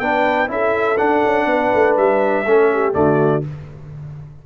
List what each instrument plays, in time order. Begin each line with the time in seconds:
0.00 tuba B3, trombone D4, horn B4, trumpet G5
0.48 tuba C#4, trombone E4, horn A4, trumpet E5
0.98 trombone D4, tuba D4, trumpet F#5
1.26 tuba C#4
1.46 tuba B3, horn B4
1.75 tuba A3
1.97 tuba G3, trumpet E5
2.46 tuba A3, trombone C#4, horn A4
2.73 horn G4
2.93 tuba D3, trombone A3, horn F#4, trumpet D5